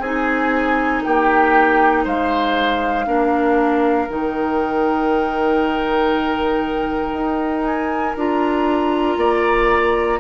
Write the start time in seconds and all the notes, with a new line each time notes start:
0.00 C4 D#4 G#4 G#5
1.04 A#3 G4 G5
2.04 G#3 C5 F5
3.07 A#3 D4 A#4
4.09 D#3 D#4 G5
7.13 D#4
7.65 G#5
8.17 D4 F4 A#5
9.18 A#3 D5